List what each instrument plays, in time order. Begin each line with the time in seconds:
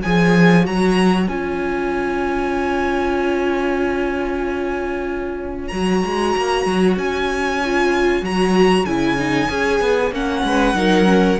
0.00 cello F3, viola G#4, violin C#5 G#5
0.63 cello F#3, viola F#4, violin A#5
1.27 cello C#4, viola F4, violin G#5
5.67 cello F#3, viola F#4, violin A#5
6.04 cello G#3
6.36 cello A#3
6.65 cello F#3
6.96 cello C#4, violin G#5
7.64 viola F4
8.21 cello F#3, viola F#4, violin A#5
8.85 cello C#3, viola E4, violin G#5
9.17 viola D#4
9.48 cello C#4, viola G#4
9.80 cello B3
10.11 cello A#3, viola C#4, violin F#5
10.43 cello G#3, violin B4
10.73 cello F#3, viola D#4, violin A#4
11.05 viola C#4